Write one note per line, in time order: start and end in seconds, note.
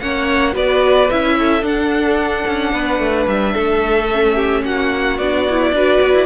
0.00 0.56 A#3
0.00 0.54 C#4
0.00 0.55 C#5
0.00 0.55 F#5
0.54 1.10 B3
0.54 1.08 F#4
0.54 1.36 B4
0.54 1.10 D5
1.10 1.63 C#4
1.10 1.64 E4
1.10 1.65 E5
1.39 2.73 A4
1.63 2.44 D4
1.63 4.09 D4
1.63 3.28 F#5
2.47 2.73 C#4
2.73 3.00 B3
2.73 3.54 B4
3.00 3.27 A3
3.28 3.55 G3
3.28 4.64 E5
3.54 4.65 A3
3.54 4.36 A4
4.12 5.21 C#4
4.36 4.63 G4
4.65 5.19 A#3
4.65 5.74 F#4
4.65 5.19 F#5
5.19 5.72 B3
5.19 5.49 D4
5.19 6.26 D5
5.50 5.76 E4
5.72 5.99 D4
5.72 6.26 F#4
5.72 6.26 B4
6.02 6.14 B3
6.14 6.26 E4